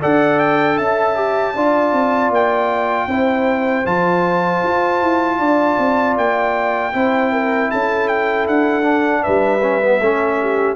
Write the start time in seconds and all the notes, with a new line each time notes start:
0.00 D4 A4 D5 F#5
0.39 G5
0.78 C#4 E5 A5
1.16 G4
1.55 D4 F4 D5
1.93 C4
2.30 A#3 G5
3.07 C4 E4 C5
3.85 F3 F4 A5
4.63 F4
5.02 E4
5.39 D4 D5
5.79 C4
6.17 A#3 G5
6.93 C4 E4 C5
7.32 A#4
7.71 C#4 A4 A5
8.08 G5
8.48 D4 F#5
8.83 D4
9.23 G3 B4 E5
9.62 C#4
9.81 B3
10.00 A3 C#4 A4
10.42 G4